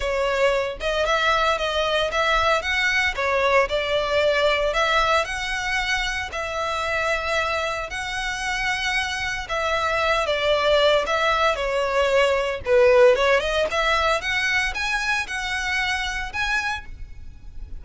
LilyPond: \new Staff \with { instrumentName = "violin" } { \time 4/4 \tempo 4 = 114 cis''4. dis''8 e''4 dis''4 | e''4 fis''4 cis''4 d''4~ | d''4 e''4 fis''2 | e''2. fis''4~ |
fis''2 e''4. d''8~ | d''4 e''4 cis''2 | b'4 cis''8 dis''8 e''4 fis''4 | gis''4 fis''2 gis''4 | }